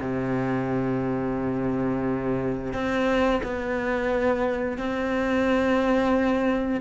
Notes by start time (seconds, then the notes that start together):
0.00 C3
2.73 C4
3.43 B3
4.77 C4